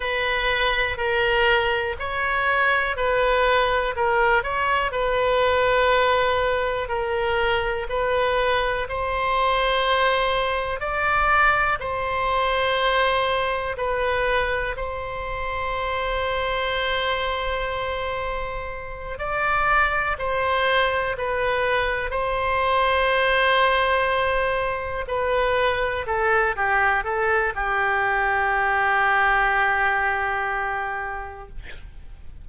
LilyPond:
\new Staff \with { instrumentName = "oboe" } { \time 4/4 \tempo 4 = 61 b'4 ais'4 cis''4 b'4 | ais'8 cis''8 b'2 ais'4 | b'4 c''2 d''4 | c''2 b'4 c''4~ |
c''2.~ c''8 d''8~ | d''8 c''4 b'4 c''4.~ | c''4. b'4 a'8 g'8 a'8 | g'1 | }